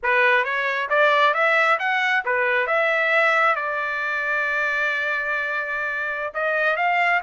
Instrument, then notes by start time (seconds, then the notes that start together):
trumpet
0.02 B4
0.44 C#5
0.89 D5
1.34 E5
1.79 F#5
2.25 B4
2.66 E5
3.55 D5
6.33 D#5
6.76 F5